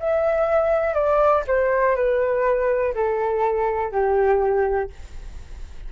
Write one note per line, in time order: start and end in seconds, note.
0.00 0.95 E5
0.95 1.44 D5
1.48 1.96 C5
1.96 2.94 B4
2.95 3.92 A4
3.92 4.90 G4